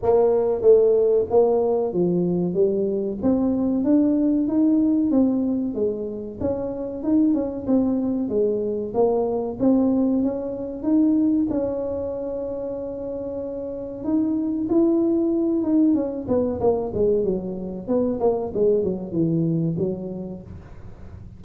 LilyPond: \new Staff \with { instrumentName = "tuba" } { \time 4/4 \tempo 4 = 94 ais4 a4 ais4 f4 | g4 c'4 d'4 dis'4 | c'4 gis4 cis'4 dis'8 cis'8 | c'4 gis4 ais4 c'4 |
cis'4 dis'4 cis'2~ | cis'2 dis'4 e'4~ | e'8 dis'8 cis'8 b8 ais8 gis8 fis4 | b8 ais8 gis8 fis8 e4 fis4 | }